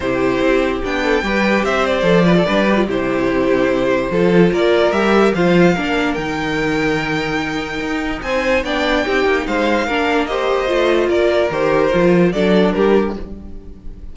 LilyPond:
<<
  \new Staff \with { instrumentName = "violin" } { \time 4/4 \tempo 4 = 146 c''2 g''2 | e''8 d''2~ d''8 c''4~ | c''2. d''4 | e''4 f''2 g''4~ |
g''1 | gis''4 g''2 f''4~ | f''4 dis''2 d''4 | c''2 d''4 ais'4 | }
  \new Staff \with { instrumentName = "violin" } { \time 4/4 g'2~ g'8 a'8 b'4 | c''4. b'16 a'16 b'4 g'4~ | g'2 a'4 ais'4~ | ais'4 c''4 ais'2~ |
ais'1 | c''4 d''4 g'4 c''4 | ais'4 c''2 ais'4~ | ais'2 a'4 g'4 | }
  \new Staff \with { instrumentName = "viola" } { \time 4/4 e'2 d'4 g'4~ | g'4 a'8 f'8 d'8 g'16 f'16 e'4~ | e'2 f'2 | g'4 f'4 d'4 dis'4~ |
dis'1~ | dis'4 d'4 dis'2 | d'4 g'4 f'2 | g'4 f'4 d'2 | }
  \new Staff \with { instrumentName = "cello" } { \time 4/4 c4 c'4 b4 g4 | c'4 f4 g4 c4~ | c2 f4 ais4 | g4 f4 ais4 dis4~ |
dis2. dis'4 | c'4 b4 c'8 ais8 gis4 | ais2 a4 ais4 | dis4 f4 fis4 g4 | }
>>